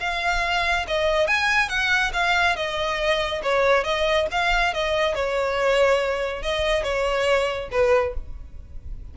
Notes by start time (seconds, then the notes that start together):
0.00 F5
0.87 D#5
1.27 G#5
1.69 F#5
2.13 F5
2.56 D#5
3.42 C#5
3.84 D#5
4.31 F5
4.74 D#5
5.14 C#5
6.42 D#5
6.83 C#5
7.71 B4